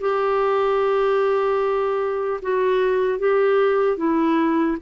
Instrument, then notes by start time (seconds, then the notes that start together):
clarinet
0.00 G4
2.42 F#4
3.19 G4
3.97 E4